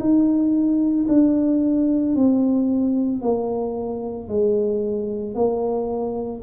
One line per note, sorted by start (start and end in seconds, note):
0.00 1.07 D#4
1.09 2.16 D4
2.16 3.22 C4
3.22 4.29 A#3
4.29 5.35 G#3
5.35 6.42 A#3